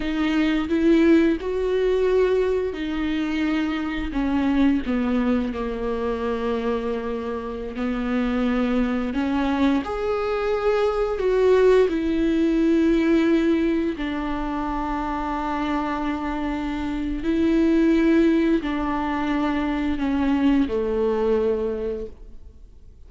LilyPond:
\new Staff \with { instrumentName = "viola" } { \time 4/4 \tempo 4 = 87 dis'4 e'4 fis'2 | dis'2 cis'4 b4 | ais2.~ ais16 b8.~ | b4~ b16 cis'4 gis'4.~ gis'16~ |
gis'16 fis'4 e'2~ e'8.~ | e'16 d'2.~ d'8.~ | d'4 e'2 d'4~ | d'4 cis'4 a2 | }